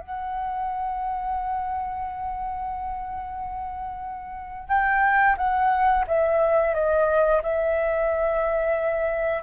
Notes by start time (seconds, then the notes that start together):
0.00 F#5
4.68 G5
5.37 F#5
6.07 E5
6.74 D#5
7.42 E5